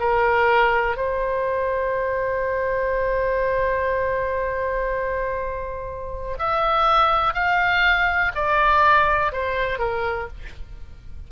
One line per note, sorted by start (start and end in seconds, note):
0.00 0.97 A#4
0.97 6.38 C5
6.38 7.34 E5
7.34 8.32 F5
8.35 9.32 D5
9.32 9.79 C5
9.79 10.28 A#4